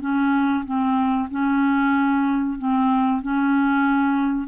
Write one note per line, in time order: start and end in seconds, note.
0.00 0.64 C#4
0.65 1.29 C4
1.31 2.58 C#4
2.58 3.22 C4
3.22 4.47 C#4